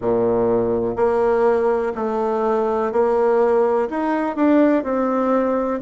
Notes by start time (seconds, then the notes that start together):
0.00 A#2
0.95 A#3
1.95 A3
2.92 A#3
3.89 D#4
4.35 D4
4.83 C4